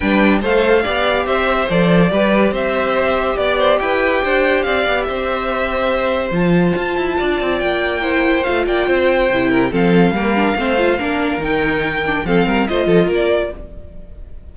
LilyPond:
<<
  \new Staff \with { instrumentName = "violin" } { \time 4/4 \tempo 4 = 142 g''4 f''2 e''4 | d''2 e''2 | d''4 g''2 f''4 | e''2. a''4~ |
a''2 g''2 | f''8 g''2~ g''8 f''4~ | f''2. g''4~ | g''4 f''4 dis''4 d''4 | }
  \new Staff \with { instrumentName = "violin" } { \time 4/4 b'4 c''4 d''4 c''4~ | c''4 b'4 c''2 | d''8 c''8 b'4 c''4 d''4 | c''1~ |
c''4 d''2 c''4~ | c''8 d''8 c''4. ais'8 a'4 | ais'4 c''4 ais'2~ | ais'4 a'8 ais'8 c''8 a'8 ais'4 | }
  \new Staff \with { instrumentName = "viola" } { \time 4/4 d'4 a'4 g'2 | a'4 g'2.~ | g'1~ | g'2. f'4~ |
f'2. e'4 | f'2 e'4 c'4 | ais8 d'8 c'8 f'8 d'4 dis'4~ | dis'8 d'8 c'4 f'2 | }
  \new Staff \with { instrumentName = "cello" } { \time 4/4 g4 a4 b4 c'4 | f4 g4 c'2 | b4 e'4 d'4 c'8 b8 | c'2. f4 |
f'8 e'8 d'8 c'8 ais2 | a8 ais8 c'4 c4 f4 | g4 a4 ais4 dis4~ | dis4 f8 g8 a8 f8 ais4 | }
>>